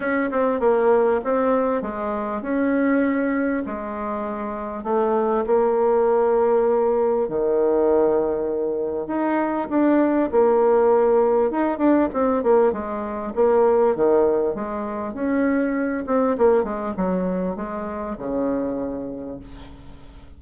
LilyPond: \new Staff \with { instrumentName = "bassoon" } { \time 4/4 \tempo 4 = 99 cis'8 c'8 ais4 c'4 gis4 | cis'2 gis2 | a4 ais2. | dis2. dis'4 |
d'4 ais2 dis'8 d'8 | c'8 ais8 gis4 ais4 dis4 | gis4 cis'4. c'8 ais8 gis8 | fis4 gis4 cis2 | }